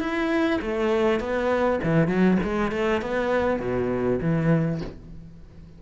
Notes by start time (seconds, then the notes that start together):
0.00 E4
0.61 A3
1.20 B3
1.84 E3
2.08 F#3
2.43 G#3
2.71 A3
3.01 B3
3.60 B2
4.21 E3